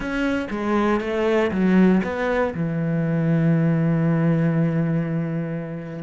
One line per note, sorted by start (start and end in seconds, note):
0.00 0.47 C#4
0.50 1.00 G#3
1.00 1.50 A3
1.51 2.01 F#3
2.03 2.53 B3
2.54 6.02 E3